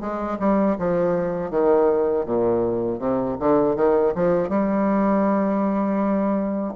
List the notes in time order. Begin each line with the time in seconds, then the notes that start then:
0.00 G#3
0.39 G3
0.78 F3
1.50 D#3
2.25 A#2
2.99 C3
3.39 D3
3.76 D#3
4.15 F3
4.49 G3